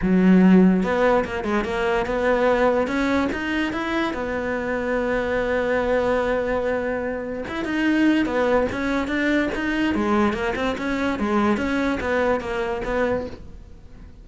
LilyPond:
\new Staff \with { instrumentName = "cello" } { \time 4/4 \tempo 4 = 145 fis2 b4 ais8 gis8 | ais4 b2 cis'4 | dis'4 e'4 b2~ | b1~ |
b2 e'8 dis'4. | b4 cis'4 d'4 dis'4 | gis4 ais8 c'8 cis'4 gis4 | cis'4 b4 ais4 b4 | }